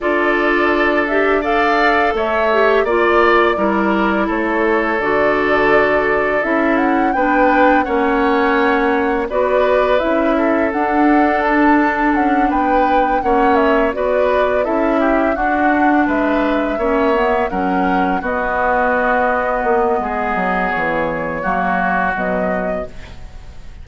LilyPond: <<
  \new Staff \with { instrumentName = "flute" } { \time 4/4 \tempo 4 = 84 d''4. e''8 f''4 e''4 | d''2 cis''4 d''4~ | d''4 e''8 fis''8 g''4 fis''4~ | fis''4 d''4 e''4 fis''4 |
a''4 fis''8 g''4 fis''8 e''8 d''8~ | d''8 e''4 fis''4 e''4.~ | e''8 fis''4 dis''2~ dis''8~ | dis''4 cis''2 dis''4 | }
  \new Staff \with { instrumentName = "oboe" } { \time 4/4 a'2 d''4 cis''4 | d''4 ais'4 a'2~ | a'2 b'4 cis''4~ | cis''4 b'4. a'4.~ |
a'4. b'4 cis''4 b'8~ | b'8 a'8 g'8 fis'4 b'4 cis''8~ | cis''8 ais'4 fis'2~ fis'8 | gis'2 fis'2 | }
  \new Staff \with { instrumentName = "clarinet" } { \time 4/4 f'4. g'8 a'4. g'8 | f'4 e'2 fis'4~ | fis'4 e'4 d'4 cis'4~ | cis'4 fis'4 e'4 d'4~ |
d'2~ d'8 cis'4 fis'8~ | fis'8 e'4 d'2 cis'8 | b8 cis'4 b2~ b8~ | b2 ais4 fis4 | }
  \new Staff \with { instrumentName = "bassoon" } { \time 4/4 d'2. a4 | ais4 g4 a4 d4~ | d4 cis'4 b4 ais4~ | ais4 b4 cis'4 d'4~ |
d'4 cis'8 b4 ais4 b8~ | b8 cis'4 d'4 gis4 ais8~ | ais8 fis4 b2 ais8 | gis8 fis8 e4 fis4 b,4 | }
>>